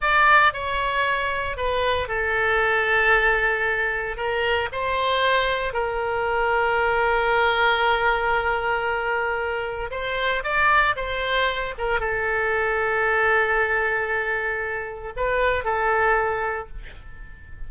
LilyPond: \new Staff \with { instrumentName = "oboe" } { \time 4/4 \tempo 4 = 115 d''4 cis''2 b'4 | a'1 | ais'4 c''2 ais'4~ | ais'1~ |
ais'2. c''4 | d''4 c''4. ais'8 a'4~ | a'1~ | a'4 b'4 a'2 | }